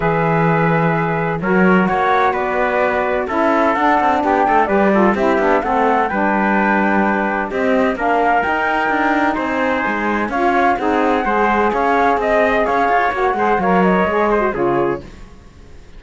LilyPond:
<<
  \new Staff \with { instrumentName = "flute" } { \time 4/4 \tempo 4 = 128 e''2. cis''4 | fis''4 d''2 e''4 | fis''4 g''4 d''4 e''4 | fis''4 g''2. |
dis''4 f''4 g''2 | gis''2 f''4 fis''4~ | fis''4 f''4 dis''4 f''4 | fis''4 f''8 dis''4. cis''4 | }
  \new Staff \with { instrumentName = "trumpet" } { \time 4/4 b'2. ais'4 | cis''4 b'2 a'4~ | a'4 g'8 a'8 b'8 a'8 g'4 | a'4 b'2. |
g'4 ais'2. | c''2 cis''4 gis'4 | c''4 cis''4 dis''4 cis''4~ | cis''8 c''8 cis''4. c''8 gis'4 | }
  \new Staff \with { instrumentName = "saxophone" } { \time 4/4 gis'2. fis'4~ | fis'2. e'4 | d'2 g'8 f'8 e'8 d'8 | c'4 d'2. |
c'4 d'4 dis'2~ | dis'2 f'4 dis'4 | gis'1 | fis'8 gis'8 ais'4 gis'8. fis'16 f'4 | }
  \new Staff \with { instrumentName = "cello" } { \time 4/4 e2. fis4 | ais4 b2 cis'4 | d'8 c'8 b8 a8 g4 c'8 b8 | a4 g2. |
c'4 ais4 dis'4 d'4 | c'4 gis4 cis'4 c'4 | gis4 cis'4 c'4 cis'8 f'8 | ais8 gis8 fis4 gis4 cis4 | }
>>